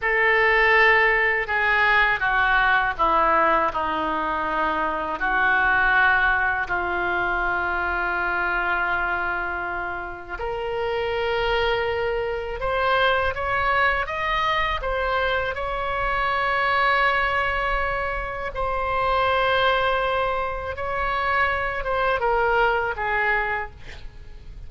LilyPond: \new Staff \with { instrumentName = "oboe" } { \time 4/4 \tempo 4 = 81 a'2 gis'4 fis'4 | e'4 dis'2 fis'4~ | fis'4 f'2.~ | f'2 ais'2~ |
ais'4 c''4 cis''4 dis''4 | c''4 cis''2.~ | cis''4 c''2. | cis''4. c''8 ais'4 gis'4 | }